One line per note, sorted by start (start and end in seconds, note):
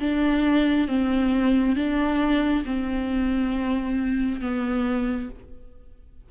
0.00 0.87 D4
0.87 1.76 C4
1.76 2.64 D4
2.65 4.41 C4
4.41 5.29 B3